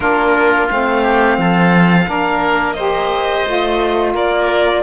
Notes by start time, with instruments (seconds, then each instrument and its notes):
0.00 cello A#3, saxophone D4, oboe F4, violin A#4
0.68 cello A3, saxophone C4, violin F5
1.02 oboe G4
1.38 cello F3, oboe A4
2.06 cello A#3, saxophone D4, oboe A#4
2.73 saxophone G4, oboe C5, violin D#5
3.45 cello A3, saxophone F4
4.14 cello A#3, oboe A#4, violin D5